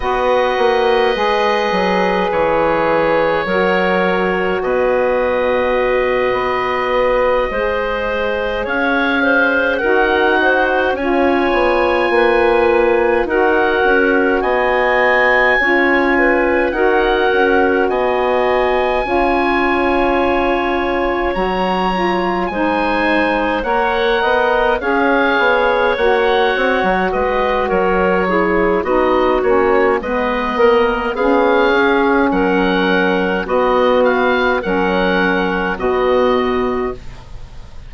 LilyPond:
<<
  \new Staff \with { instrumentName = "oboe" } { \time 4/4 \tempo 4 = 52 dis''2 cis''2 | dis''2.~ dis''8 f''8~ | f''8 fis''4 gis''2 fis''8~ | fis''8 gis''2 fis''4 gis''8~ |
gis''2~ gis''8 ais''4 gis''8~ | gis''8 fis''4 f''4 fis''4 dis''8 | cis''4 dis''8 cis''8 dis''4 f''4 | fis''4 dis''8 f''8 fis''4 dis''4 | }
  \new Staff \with { instrumentName = "clarinet" } { \time 4/4 b'2. ais'4 | b'2~ b'8 c''4 cis''8 | c''8 ais'8 c''8 cis''4 b'4 ais'8~ | ais'8 dis''4 cis''8 b'8 ais'4 dis''8~ |
dis''8 cis''2. c''8~ | c''8 cis''8 dis''8 cis''2 b'8 | ais'8 gis'8 fis'4 b'8 ais'8 gis'4 | ais'4 fis'4 ais'4 fis'4 | }
  \new Staff \with { instrumentName = "saxophone" } { \time 4/4 fis'4 gis'2 fis'4~ | fis'2~ fis'8 gis'4.~ | gis'8 fis'4 f'2 fis'8~ | fis'4. f'4 fis'4.~ |
fis'8 f'2 fis'8 f'8 dis'8~ | dis'8 ais'4 gis'4 fis'4.~ | fis'8 e'8 dis'8 cis'8 b4 cis'4~ | cis'4 b4 cis'4 b4 | }
  \new Staff \with { instrumentName = "bassoon" } { \time 4/4 b8 ais8 gis8 fis8 e4 fis4 | b,4. b4 gis4 cis'8~ | cis'8 dis'4 cis'8 b8 ais4 dis'8 | cis'8 b4 cis'4 dis'8 cis'8 b8~ |
b8 cis'2 fis4 gis8~ | gis8 ais8 b8 cis'8 b8 ais8 c'16 fis16 gis8 | fis4 b8 ais8 gis8 ais8 b8 cis'8 | fis4 b4 fis4 b,4 | }
>>